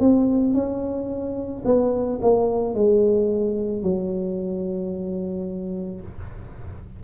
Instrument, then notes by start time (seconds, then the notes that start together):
tuba
0.00 C4
0.54 C#4
1.65 B3
2.22 A#3
2.75 G#3
3.83 F#3